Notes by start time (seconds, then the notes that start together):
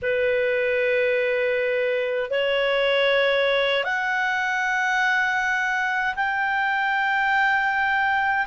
0.02 B4
2.30 C#5
3.84 F#5
6.15 G5